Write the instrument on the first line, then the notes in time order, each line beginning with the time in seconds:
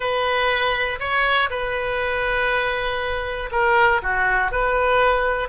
oboe
0.00 B4
0.99 C#5
1.50 B4
3.51 A#4
4.02 F#4
4.51 B4